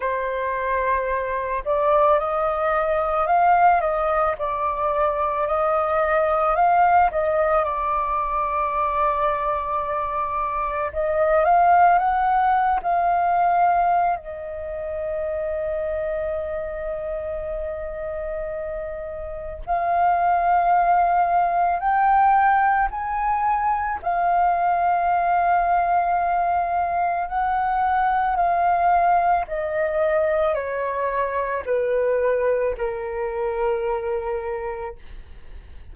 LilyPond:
\new Staff \with { instrumentName = "flute" } { \time 4/4 \tempo 4 = 55 c''4. d''8 dis''4 f''8 dis''8 | d''4 dis''4 f''8 dis''8 d''4~ | d''2 dis''8 f''8 fis''8. f''16~ | f''4 dis''2.~ |
dis''2 f''2 | g''4 gis''4 f''2~ | f''4 fis''4 f''4 dis''4 | cis''4 b'4 ais'2 | }